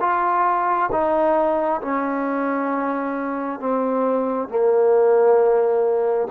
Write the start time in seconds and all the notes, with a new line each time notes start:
0.00 F4
0.91 D#4
1.81 C#4
3.59 C4
4.48 A#3